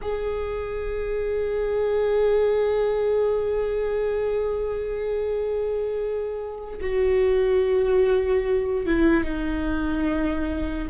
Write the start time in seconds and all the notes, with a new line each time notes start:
0.01 G#4
6.80 F#4
8.86 E4
9.24 D#4